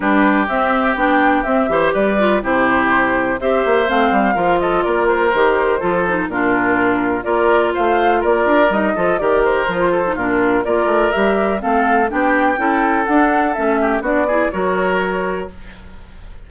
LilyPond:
<<
  \new Staff \with { instrumentName = "flute" } { \time 4/4 \tempo 4 = 124 b'4 e''4 g''4 e''4 | d''4 c''2 e''4 | f''4. dis''8 d''8 c''4.~ | c''4 ais'2 d''4 |
f''4 d''4 dis''4 d''8 c''8~ | c''4 ais'4 d''4 e''4 | f''4 g''2 fis''4 | e''4 d''4 cis''2 | }
  \new Staff \with { instrumentName = "oboe" } { \time 4/4 g'2.~ g'8 c''8 | b'4 g'2 c''4~ | c''4 ais'8 a'8 ais'2 | a'4 f'2 ais'4 |
c''4 ais'4. a'8 ais'4~ | ais'8 a'8 f'4 ais'2 | a'4 g'4 a'2~ | a'8 g'8 fis'8 gis'8 ais'2 | }
  \new Staff \with { instrumentName = "clarinet" } { \time 4/4 d'4 c'4 d'4 c'8 g'8~ | g'8 f'8 e'2 g'4 | c'4 f'2 g'4 | f'8 dis'8 d'2 f'4~ |
f'2 dis'8 f'8 g'4 | f'8. dis'16 d'4 f'4 g'4 | c'4 d'4 e'4 d'4 | cis'4 d'8 e'8 fis'2 | }
  \new Staff \with { instrumentName = "bassoon" } { \time 4/4 g4 c'4 b4 c'8 e8 | g4 c2 c'8 ais8 | a8 g8 f4 ais4 dis4 | f4 ais,2 ais4 |
a4 ais8 d'8 g8 f8 dis4 | f4 ais,4 ais8 a8 g4 | a4 b4 cis'4 d'4 | a4 b4 fis2 | }
>>